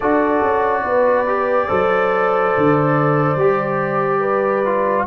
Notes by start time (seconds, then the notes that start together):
0.00 D4 F#4 A4 D5
0.41 C#4
0.84 B3 B4
1.27 G4
1.67 F#3 A4 C5
2.57 D3
3.35 G3 G4
4.20 B4
4.65 F4